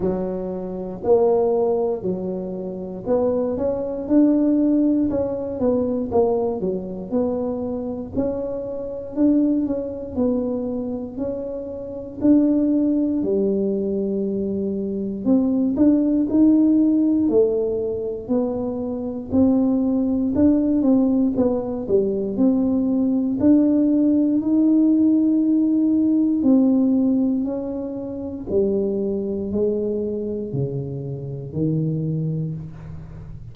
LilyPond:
\new Staff \with { instrumentName = "tuba" } { \time 4/4 \tempo 4 = 59 fis4 ais4 fis4 b8 cis'8 | d'4 cis'8 b8 ais8 fis8 b4 | cis'4 d'8 cis'8 b4 cis'4 | d'4 g2 c'8 d'8 |
dis'4 a4 b4 c'4 | d'8 c'8 b8 g8 c'4 d'4 | dis'2 c'4 cis'4 | g4 gis4 cis4 dis4 | }